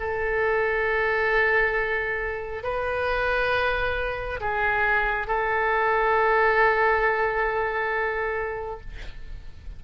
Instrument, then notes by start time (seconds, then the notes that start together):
oboe
0.00 A4
2.64 B4
4.41 G#4
5.28 A4